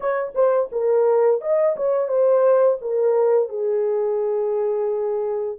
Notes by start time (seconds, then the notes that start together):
0.00 C#5
0.35 C5
0.72 A#4
1.41 D#5
1.76 C#5
2.07 C5
2.81 A#4
3.48 G#4